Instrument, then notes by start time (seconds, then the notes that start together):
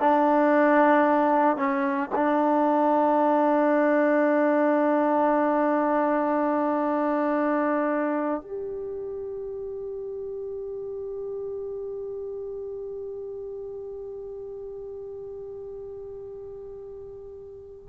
trombone
0.00 D4
1.56 C#4
2.15 D4
8.41 G4